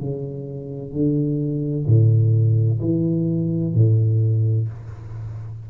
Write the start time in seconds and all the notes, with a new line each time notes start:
0.00 C#3
0.92 D3
1.86 A2
2.80 E3
3.75 A2